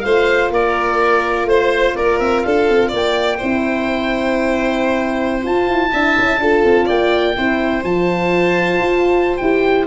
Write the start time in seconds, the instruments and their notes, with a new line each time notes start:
0.00 tuba A3, horn F4, violin C5, oboe F5
0.50 tuba A#3, violin A#4, oboe D5
1.44 tuba A3, oboe C5, violin C5
1.95 tuba A#3, violin A#4, oboe D5
2.19 tuba C4, oboe E5
2.41 tuba D4, violin A4, oboe F5
2.68 tuba C4
2.88 tuba A#3, violin D5
2.95 oboe G5
3.37 tuba C4, horn E4, violin C5
5.42 horn F4, tuba F4, oboe A5
5.68 tuba E4
5.91 tuba D4, horn E4, violin E5
6.18 tuba C#4
6.38 tuba D4, horn F4, violin A4
6.64 tuba C4
6.85 tuba A#3, violin D5, oboe G5
7.36 tuba C4, horn E4, violin C5
7.83 tuba F3, horn F4, oboe A5
8.79 tuba F4
9.37 tuba E4, horn G4, oboe G5